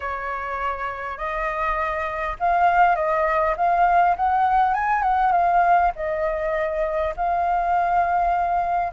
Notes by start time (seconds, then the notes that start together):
0.00 C#5
1.17 D#5
2.39 F5
2.95 D#5
3.56 F5
4.16 F#5
4.74 G#5
5.02 F#5
5.32 F5
5.95 D#5
7.16 F5